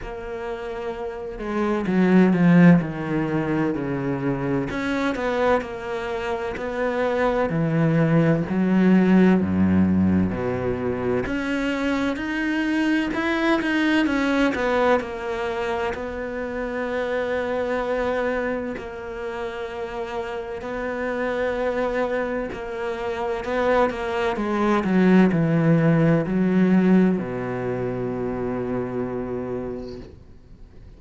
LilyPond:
\new Staff \with { instrumentName = "cello" } { \time 4/4 \tempo 4 = 64 ais4. gis8 fis8 f8 dis4 | cis4 cis'8 b8 ais4 b4 | e4 fis4 fis,4 b,4 | cis'4 dis'4 e'8 dis'8 cis'8 b8 |
ais4 b2. | ais2 b2 | ais4 b8 ais8 gis8 fis8 e4 | fis4 b,2. | }